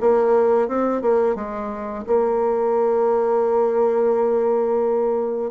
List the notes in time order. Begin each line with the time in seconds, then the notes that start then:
0.00 A#3
0.68 C4
1.02 A#3
1.35 G#3
2.07 A#3